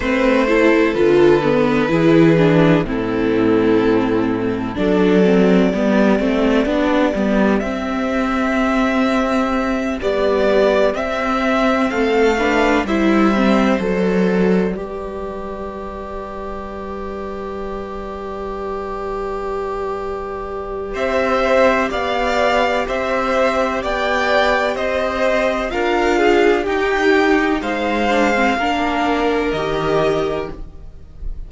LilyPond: <<
  \new Staff \with { instrumentName = "violin" } { \time 4/4 \tempo 4 = 63 c''4 b'2 a'4~ | a'4 d''2. | e''2~ e''8 d''4 e''8~ | e''8 f''4 e''4 d''4.~ |
d''1~ | d''2 e''4 f''4 | e''4 g''4 dis''4 f''4 | g''4 f''2 dis''4 | }
  \new Staff \with { instrumentName = "violin" } { \time 4/4 b'8 a'4. gis'4 e'4~ | e'4 a'4 g'2~ | g'1~ | g'8 a'8 b'8 c''2 b'8~ |
b'1~ | b'2 c''4 d''4 | c''4 d''4 c''4 ais'8 gis'8 | g'4 c''4 ais'2 | }
  \new Staff \with { instrumentName = "viola" } { \time 4/4 c'8 e'8 f'8 b8 e'8 d'8 c'4~ | c'4 d'8 c'8 b8 c'8 d'8 b8 | c'2~ c'8 g4 c'8~ | c'4 d'8 e'8 c'8 a'4 g'8~ |
g'1~ | g'1~ | g'2. f'4 | dis'4. d'16 c'16 d'4 g'4 | }
  \new Staff \with { instrumentName = "cello" } { \time 4/4 a4 d4 e4 a,4~ | a,4 fis4 g8 a8 b8 g8 | c'2~ c'8 b4 c'8~ | c'8 a4 g4 fis4 g8~ |
g1~ | g2 c'4 b4 | c'4 b4 c'4 d'4 | dis'4 gis4 ais4 dis4 | }
>>